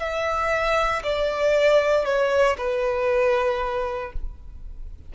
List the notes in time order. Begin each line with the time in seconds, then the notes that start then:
0.00 E5
1.04 D5
2.05 C#5
2.58 B4